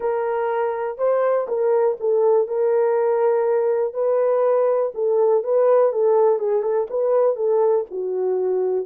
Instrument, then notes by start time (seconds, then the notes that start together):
horn
0.00 A#4
0.97 C5
1.48 A#4
2.00 A4
2.47 A#4
3.93 B4
4.94 A4
5.43 B4
5.92 A4
6.38 G#4
6.62 A4
6.90 B4
7.35 A4
7.90 F#4